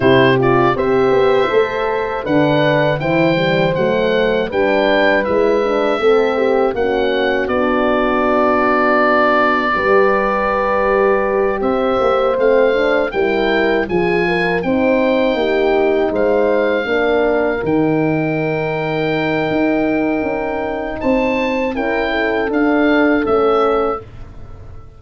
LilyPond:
<<
  \new Staff \with { instrumentName = "oboe" } { \time 4/4 \tempo 4 = 80 c''8 d''8 e''2 fis''4 | g''4 fis''4 g''4 e''4~ | e''4 fis''4 d''2~ | d''2.~ d''8 e''8~ |
e''8 f''4 g''4 gis''4 g''8~ | g''4. f''2 g''8~ | g''1 | a''4 g''4 f''4 e''4 | }
  \new Staff \with { instrumentName = "horn" } { \time 4/4 g'4 c''2 b'4 | c''2 b'2 | a'8 g'8 fis'2.~ | fis'4 b'2~ b'8 c''8~ |
c''4. ais'4 gis'8 ais'8 c''8~ | c''8 g'4 c''4 ais'4.~ | ais'1 | c''4 ais'8 a'2~ a'8 | }
  \new Staff \with { instrumentName = "horn" } { \time 4/4 e'8 f'8 g'4 a'4 d'4 | e'8 g8 a4 d'4 e'8 d'8 | c'4 cis'4 d'2~ | d'4 g'2.~ |
g'8 c'8 d'8 e'4 f'4 dis'8~ | dis'2~ dis'8 d'4 dis'8~ | dis'1~ | dis'4 e'4 d'4 cis'4 | }
  \new Staff \with { instrumentName = "tuba" } { \time 4/4 c4 c'8 b8 a4 d4 | e4 fis4 g4 gis4 | a4 ais4 b2~ | b4 g2~ g8 c'8 |
ais8 a4 g4 f4 c'8~ | c'8 ais4 gis4 ais4 dis8~ | dis2 dis'4 cis'4 | c'4 cis'4 d'4 a4 | }
>>